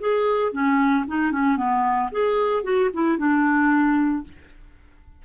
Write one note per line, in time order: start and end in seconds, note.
0.00 0.52 G#4
0.52 1.05 C#4
1.08 1.32 D#4
1.32 1.57 C#4
1.57 2.10 B3
2.12 2.64 G#4
2.64 2.90 F#4
2.93 3.18 E4
3.18 4.24 D4